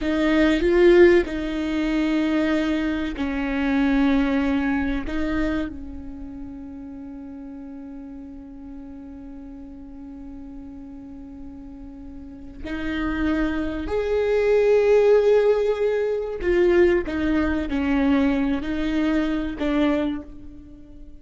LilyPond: \new Staff \with { instrumentName = "viola" } { \time 4/4 \tempo 4 = 95 dis'4 f'4 dis'2~ | dis'4 cis'2. | dis'4 cis'2.~ | cis'1~ |
cis'1 | dis'2 gis'2~ | gis'2 f'4 dis'4 | cis'4. dis'4. d'4 | }